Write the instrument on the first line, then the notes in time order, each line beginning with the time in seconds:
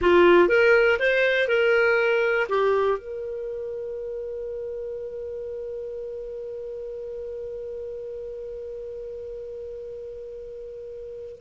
clarinet
0.01 F4
0.48 A#4
0.99 C5
1.48 A#4
2.49 G4
2.98 A#4